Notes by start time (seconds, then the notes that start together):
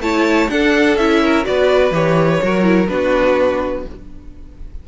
0.00 A3 E4 C#5 A5
0.49 D4 A4 F#5
0.96 C#4 E4 E5
1.22 A#4
1.44 B3 F#4 B4 D5
1.91 E3 G4 C#5
2.42 F#3 F#4 A#4
2.63 E4
2.87 B3 D4 F#4 B4